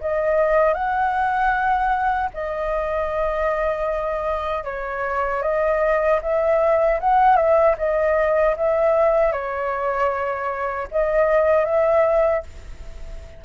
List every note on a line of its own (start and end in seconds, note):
0.00 0.74 D#5
0.74 2.30 F#5
2.33 4.64 D#5
4.64 5.42 C#5
5.42 6.20 D#5
6.22 7.00 E5
7.00 7.36 F#5
7.36 7.75 E5
7.77 8.55 D#5
8.56 9.32 E5
9.32 10.88 C#5
10.91 11.65 D#5
11.65 12.43 E5